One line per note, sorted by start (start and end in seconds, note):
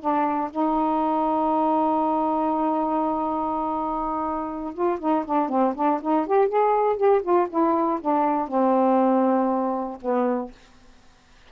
0.00 0.50 D4
0.51 4.73 D#4
4.73 4.98 F4
4.99 5.24 D#4
5.25 5.49 D4
5.49 5.74 C4
5.75 6.00 D4
6.02 6.26 D#4
6.26 6.48 G4
6.48 6.96 G#4
6.96 7.21 G4
7.22 7.47 F4
7.49 7.99 E4
8.01 8.47 D4
8.47 9.97 C4
10.01 10.51 B3